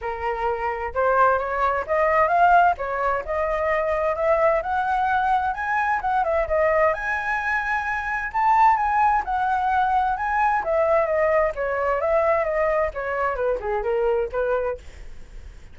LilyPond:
\new Staff \with { instrumentName = "flute" } { \time 4/4 \tempo 4 = 130 ais'2 c''4 cis''4 | dis''4 f''4 cis''4 dis''4~ | dis''4 e''4 fis''2 | gis''4 fis''8 e''8 dis''4 gis''4~ |
gis''2 a''4 gis''4 | fis''2 gis''4 e''4 | dis''4 cis''4 e''4 dis''4 | cis''4 b'8 gis'8 ais'4 b'4 | }